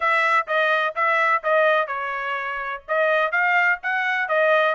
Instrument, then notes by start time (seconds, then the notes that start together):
trumpet
0.00 E5
0.47 D#5
0.95 E5
1.43 D#5
1.87 C#5
2.88 D#5
3.31 F5
3.82 F#5
4.28 D#5